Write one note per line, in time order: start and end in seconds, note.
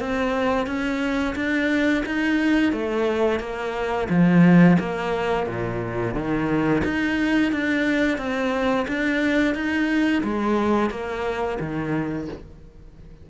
0.00 0.66 C4
0.66 1.35 C#4
1.35 2.04 D4
2.06 2.73 D#4
2.73 3.40 A3
3.40 4.08 A#3
4.09 4.78 F3
4.79 5.47 A#3
5.47 6.14 A#2
6.14 6.82 D#3
6.84 7.52 D#4
7.52 8.18 D4
8.18 8.86 C4
8.88 9.55 D4
9.55 10.23 D#4
10.23 10.90 G#3
10.90 11.58 A#3
11.60 12.28 D#3